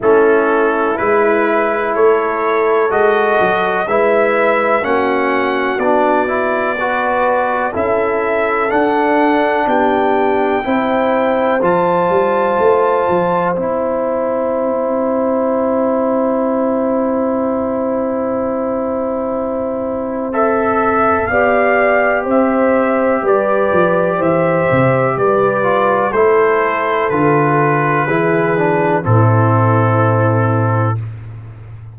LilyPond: <<
  \new Staff \with { instrumentName = "trumpet" } { \time 4/4 \tempo 4 = 62 a'4 b'4 cis''4 dis''4 | e''4 fis''4 d''2 | e''4 fis''4 g''2 | a''2 g''2~ |
g''1~ | g''4 e''4 f''4 e''4 | d''4 e''4 d''4 c''4 | b'2 a'2 | }
  \new Staff \with { instrumentName = "horn" } { \time 4/4 e'2 a'2 | b'4 fis'2 b'4 | a'2 g'4 c''4~ | c''1~ |
c''1~ | c''2 d''4 c''4 | b'4 c''4 b'4 a'4~ | a'4 gis'4 e'2 | }
  \new Staff \with { instrumentName = "trombone" } { \time 4/4 cis'4 e'2 fis'4 | e'4 cis'4 d'8 e'8 fis'4 | e'4 d'2 e'4 | f'2 e'2~ |
e'1~ | e'4 a'4 g'2~ | g'2~ g'8 f'8 e'4 | f'4 e'8 d'8 c'2 | }
  \new Staff \with { instrumentName = "tuba" } { \time 4/4 a4 gis4 a4 gis8 fis8 | gis4 ais4 b2 | cis'4 d'4 b4 c'4 | f8 g8 a8 f8 c'2~ |
c'1~ | c'2 b4 c'4 | g8 f8 e8 c8 g4 a4 | d4 e4 a,2 | }
>>